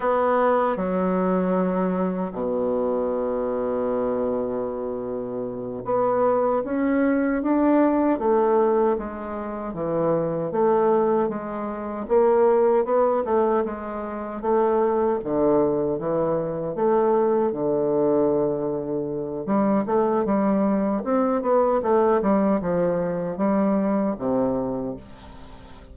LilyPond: \new Staff \with { instrumentName = "bassoon" } { \time 4/4 \tempo 4 = 77 b4 fis2 b,4~ | b,2.~ b,8 b8~ | b8 cis'4 d'4 a4 gis8~ | gis8 e4 a4 gis4 ais8~ |
ais8 b8 a8 gis4 a4 d8~ | d8 e4 a4 d4.~ | d4 g8 a8 g4 c'8 b8 | a8 g8 f4 g4 c4 | }